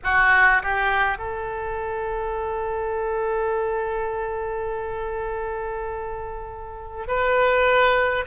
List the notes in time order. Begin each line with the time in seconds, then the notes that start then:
0.03 F#4
0.62 G4
1.18 A4
7.07 B4